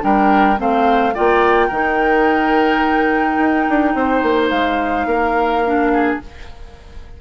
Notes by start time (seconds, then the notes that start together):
0.00 G3 D4 A#4 G5
0.57 A3 C4 C5 F5
1.14 A#3 F4 D5 G5
1.67 D#3 D#4 A#4
3.38 D#4
3.69 D4
3.95 C4 C5
4.22 A#3
4.49 G#3 F5
5.06 A#3 A#4
5.65 D4
5.93 G#4